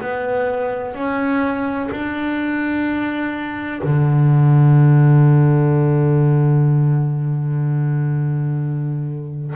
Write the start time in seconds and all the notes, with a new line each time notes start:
0.00 B3
0.94 C#4
1.91 D4
3.84 D3